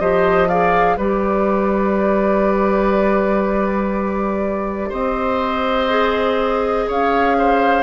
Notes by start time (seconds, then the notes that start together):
0.00 F3 G4 C5 D#5
0.49 G#4 D5 F5
0.97 G3 G4 B4 D5
4.89 C4 C5 D#5
5.90 G#4
6.88 C#4 C#5 F5
7.38 C5